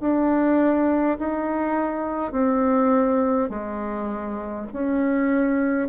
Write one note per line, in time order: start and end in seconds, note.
0.00 1.18 D4
1.19 2.32 D#4
2.32 3.50 C4
3.50 4.67 G#3
4.73 5.89 C#4